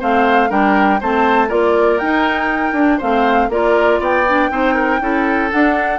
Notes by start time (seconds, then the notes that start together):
0.00 A3 C4 C5 F5
0.50 G3 D4 A#4 G5
1.01 A3 C4 C5 A5
1.49 A#3 F4 A#4 D5
1.99 D#4 G5
2.73 D4
2.98 A3 C4 C5 F5
3.50 A#3 F4 A#4 D5
4.00 B3 D5 G5
4.27 D4
4.51 C4 D#4 C5
4.75 A#4
5.01 C#4 E4 A4
5.52 D4 F#5